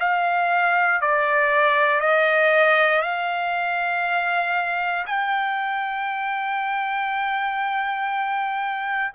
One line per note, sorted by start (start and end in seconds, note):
0.00 1.01 F5
1.01 2.00 D5
2.00 3.02 D#5
3.02 5.05 F5
5.06 9.13 G5